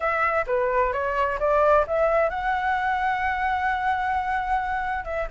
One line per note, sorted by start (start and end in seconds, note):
0.00 0.45 E5
0.46 0.92 B4
0.92 1.38 C#5
1.39 1.85 D5
1.87 2.29 E5
2.29 5.05 F#5
5.05 5.28 E5